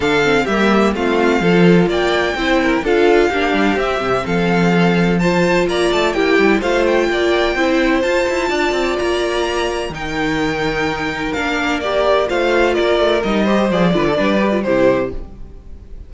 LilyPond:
<<
  \new Staff \with { instrumentName = "violin" } { \time 4/4 \tempo 4 = 127 f''4 e''4 f''2 | g''2 f''2 | e''4 f''2 a''4 | ais''8 a''8 g''4 f''8 g''4.~ |
g''4 a''2 ais''4~ | ais''4 g''2. | f''4 d''4 f''4 d''4 | dis''4 d''2 c''4 | }
  \new Staff \with { instrumentName = "violin" } { \time 4/4 a'4 g'4 f'4 a'4 | d''4 c''8 ais'8 a'4 g'4~ | g'4 a'2 c''4 | d''4 g'4 c''4 d''4 |
c''2 d''2~ | d''4 ais'2.~ | ais'2 c''4 ais'4~ | ais'8 c''4 b'16 a'16 b'4 g'4 | }
  \new Staff \with { instrumentName = "viola" } { \time 4/4 d'8 c'8 ais4 c'4 f'4~ | f'4 e'4 f'4 d'4 | c'2. f'4~ | f'4 e'4 f'2 |
e'4 f'2.~ | f'4 dis'2. | d'4 g'4 f'2 | dis'8 g'8 gis'8 f'8 d'8 g'16 f'16 e'4 | }
  \new Staff \with { instrumentName = "cello" } { \time 4/4 d4 g4 a4 f4 | ais4 c'4 d'4 ais8 g8 | c'8 c8 f2. | ais8 a8 ais8 g8 a4 ais4 |
c'4 f'8 e'8 d'8 c'8 ais4~ | ais4 dis2. | ais2 a4 ais8 a8 | g4 f8 d8 g4 c4 | }
>>